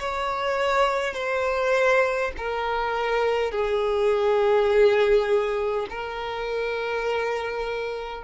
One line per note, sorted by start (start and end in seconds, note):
0.00 1.14 C#5
1.14 2.32 C5
2.38 3.52 A#4
3.52 5.87 G#4
5.90 8.24 A#4